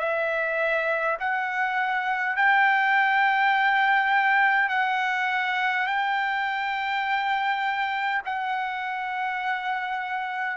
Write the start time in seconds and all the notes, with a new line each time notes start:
0.00 E5
1.20 F#5
2.36 G5
4.70 F#5
5.87 G5
8.26 F#5